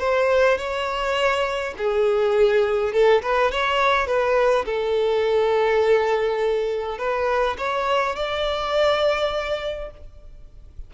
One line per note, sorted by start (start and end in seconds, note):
0.00 0.58 C5
0.58 1.74 C#5
1.78 2.93 G#4
2.93 3.22 A4
3.23 3.52 B4
3.52 4.07 C#5
4.07 4.65 B4
4.66 6.99 A4
6.99 7.57 B4
7.58 8.16 C#5
8.16 9.91 D5